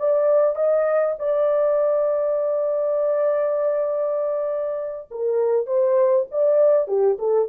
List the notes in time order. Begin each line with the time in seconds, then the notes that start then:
0.00 D5
0.56 D#5
1.19 D5
5.11 A#4
5.67 C5
6.32 D5
6.88 G4
7.19 A4